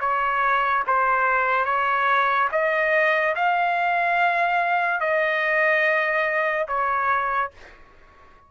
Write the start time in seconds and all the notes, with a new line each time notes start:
0.00 C#5
0.87 C5
1.65 C#5
2.52 D#5
3.35 F5
5.00 D#5
6.68 C#5